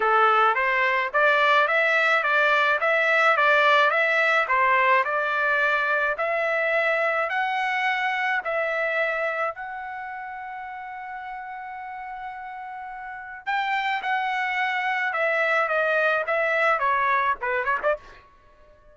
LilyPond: \new Staff \with { instrumentName = "trumpet" } { \time 4/4 \tempo 4 = 107 a'4 c''4 d''4 e''4 | d''4 e''4 d''4 e''4 | c''4 d''2 e''4~ | e''4 fis''2 e''4~ |
e''4 fis''2.~ | fis''1 | g''4 fis''2 e''4 | dis''4 e''4 cis''4 b'8 cis''16 d''16 | }